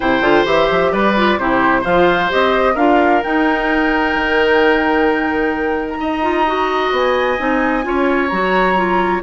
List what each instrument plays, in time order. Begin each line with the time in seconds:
0.00 bassoon C3, clarinet E4, oboe C5, flute G5
0.21 bassoon D3, clarinet F4
0.45 bassoon E3, clarinet G4, flute E5
0.70 bassoon F3
0.91 bassoon G3, oboe B4, flute D5
1.15 clarinet F4
1.38 bassoon C3, clarinet E4, oboe G4, flute C5
1.81 bassoon F3, clarinet F4, oboe C5, flute F5
2.28 bassoon C4, clarinet G4, flute D#5
2.74 bassoon D4, clarinet F4, oboe A#4, flute F5
3.22 clarinet D#4, bassoon D#4, flute G5
4.14 bassoon D#3
5.88 flute A#5
6.00 bassoon D#4, oboe D#5
6.22 clarinet F4
6.46 clarinet F#4
6.91 bassoon B3, flute G#5
7.38 bassoon C4, clarinet D#4
7.82 bassoon C#4, clarinet F4, oboe C#5
8.28 bassoon F#3, clarinet F#4, flute A#5
8.76 clarinet F4